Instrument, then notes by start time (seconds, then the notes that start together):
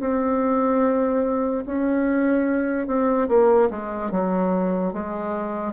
bassoon
0.00 C4
1.66 C#4
2.87 C4
3.28 A#3
3.70 G#3
4.11 F#3
4.93 G#3